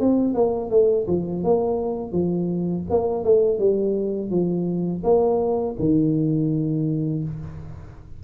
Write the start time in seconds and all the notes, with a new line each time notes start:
0.00 C4
0.34 A#3
0.70 A3
1.07 F3
1.44 A#3
2.12 F3
2.90 A#3
3.24 A3
3.58 G3
4.30 F3
5.04 A#3
5.79 D#3